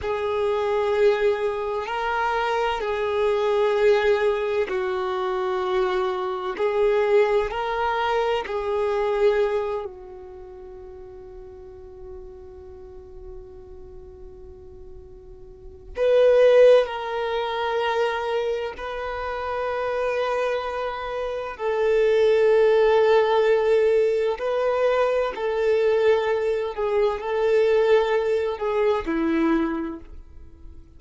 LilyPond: \new Staff \with { instrumentName = "violin" } { \time 4/4 \tempo 4 = 64 gis'2 ais'4 gis'4~ | gis'4 fis'2 gis'4 | ais'4 gis'4. fis'4.~ | fis'1~ |
fis'4 b'4 ais'2 | b'2. a'4~ | a'2 b'4 a'4~ | a'8 gis'8 a'4. gis'8 e'4 | }